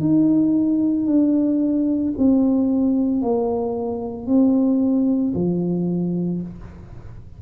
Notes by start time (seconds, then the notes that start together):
0.00 D#4
1.06 D4
2.18 C4
3.21 A#3
4.27 C4
5.34 F3